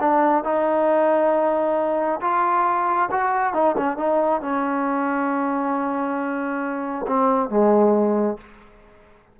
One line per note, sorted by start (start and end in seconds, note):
0.00 0.44 D4
0.44 2.21 D#4
2.21 3.09 F4
3.11 3.54 F#4
3.54 3.76 D#4
3.77 3.97 C#4
3.97 4.41 D#4
4.41 7.06 C#4
7.07 7.50 C4
7.50 8.38 G#3